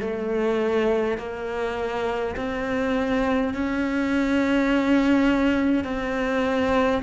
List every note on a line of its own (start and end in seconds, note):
0.00 1.18 A3
1.18 2.35 A#3
2.36 3.53 C4
3.53 5.84 C#4
5.84 7.02 C4